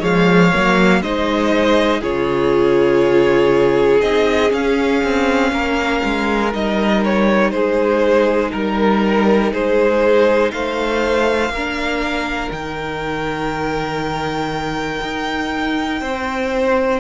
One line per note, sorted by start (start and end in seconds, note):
0.00 0.52 F3
0.00 0.51 G#3
0.00 1.00 C#5
0.00 1.02 F5
0.53 1.01 F#3
0.53 1.03 A#3
1.01 2.01 G#3
1.01 2.02 D#4
1.01 2.00 C5
1.01 2.02 D#5
2.00 4.02 C#3
2.00 4.02 F4
2.00 5.50 G#4
2.00 4.01 C#5
4.01 4.52 C4
4.01 4.49 D#4
4.01 4.51 D#5
4.49 6.49 C#4
4.49 5.03 C#4
4.49 6.53 F5
5.03 5.52 C4
5.52 6.02 A#3
5.52 7.53 A#4
6.05 6.54 G#3
6.52 7.52 G3
6.52 11.52 D#4
6.52 7.04 D#5
7.04 7.51 C#5
7.51 8.53 G#3
7.51 8.52 G#4
7.51 8.51 C5
8.52 9.53 G3
8.52 9.52 A#4
8.52 9.53 A#4
9.52 10.53 G#3
9.52 10.52 G#4
9.52 10.51 C5
10.51 11.49 A3
10.51 11.53 C5
10.51 12.51 F5
11.49 12.49 A#3
11.49 16.01 A#4
11.57 12.54 D4
12.51 15.01 D#3
12.51 17.00 D#4
12.51 17.00 G5
15.02 16.01 D#4
16.01 17.00 C4
16.01 17.00 C5